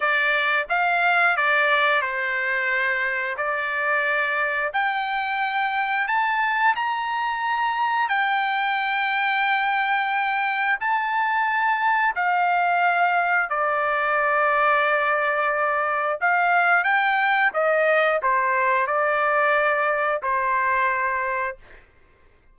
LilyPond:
\new Staff \with { instrumentName = "trumpet" } { \time 4/4 \tempo 4 = 89 d''4 f''4 d''4 c''4~ | c''4 d''2 g''4~ | g''4 a''4 ais''2 | g''1 |
a''2 f''2 | d''1 | f''4 g''4 dis''4 c''4 | d''2 c''2 | }